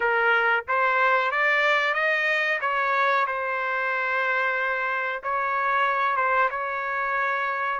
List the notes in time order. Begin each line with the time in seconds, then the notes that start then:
0.00 A#4
0.68 C5
1.31 D5
1.94 D#5
2.61 C#5
3.26 C5
5.23 C#5
6.16 C5
6.50 C#5